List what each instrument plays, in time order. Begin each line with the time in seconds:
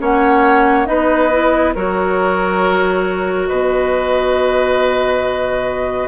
0.00 bassoon A#3, clarinet C#4, oboe C#5, flute F#5
0.86 bassoon B3, clarinet D#4, oboe B4, flute D#5
1.32 clarinet E4
1.75 bassoon F#3, clarinet F#4, oboe A#4, flute C#5
3.47 bassoon B2, oboe B4, flute D#5